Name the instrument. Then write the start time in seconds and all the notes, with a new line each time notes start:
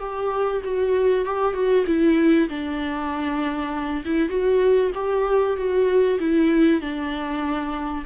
viola
0.00 G4
0.64 F#4
1.25 G4
1.54 F#4
1.87 E4
2.49 D4
4.05 E4
4.29 F#4
4.95 G4
5.57 F#4
6.20 E4
6.81 D4